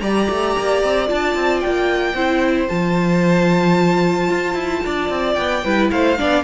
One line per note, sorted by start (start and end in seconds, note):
0.00 0.28 G3
0.00 1.07 G4
0.00 2.16 D5
0.00 1.07 A#5
0.30 0.57 A3
0.58 0.84 A#3
0.84 1.10 C4
1.07 1.35 D4
1.07 2.15 F4
1.07 1.61 A5
1.35 1.62 C4
1.61 2.14 A#3
1.61 2.68 G5
2.14 2.68 C4
2.14 2.68 E4
2.14 4.84 C5
2.68 4.31 F3
2.68 5.63 F4
2.68 5.34 A5
4.31 4.54 F4
4.54 4.81 E4
4.86 5.10 D4
4.86 5.64 D5
5.10 5.36 C4
5.34 5.64 B3
5.34 5.87 G5
5.64 5.91 G3
5.64 6.18 E4
5.64 5.91 B4
5.91 6.19 A3
5.91 6.19 C5
5.91 6.44 F5
6.18 6.44 B3
6.18 6.44 D4
6.18 6.44 D5